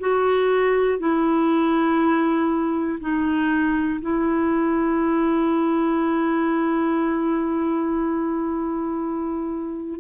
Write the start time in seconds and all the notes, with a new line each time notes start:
0.00 F#4
1.00 E4
3.00 D#4
4.01 E4